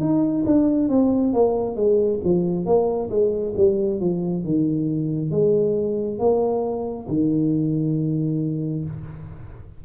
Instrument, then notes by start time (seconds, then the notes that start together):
tuba
0.00 D#4
0.46 D4
0.89 C4
1.34 A#3
1.76 G#3
2.24 F3
2.66 A#3
3.10 G#3
3.57 G3
4.00 F3
4.44 D#3
5.31 G#3
6.19 A#3
7.08 D#3